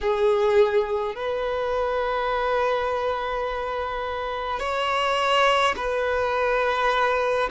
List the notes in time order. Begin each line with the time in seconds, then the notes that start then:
0.01 G#4
1.15 B4
4.59 C#5
5.76 B4